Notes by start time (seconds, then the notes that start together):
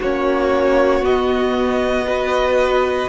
0.00 A#3 C#4 F#4 C#5
1.01 B3 D#5
2.07 F#4 B4